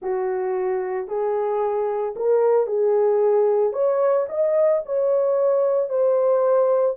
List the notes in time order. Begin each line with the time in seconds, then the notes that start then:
0.01 F#4
1.07 G#4
2.16 A#4
2.66 G#4
3.72 C#5
4.28 D#5
4.85 C#5
5.89 C5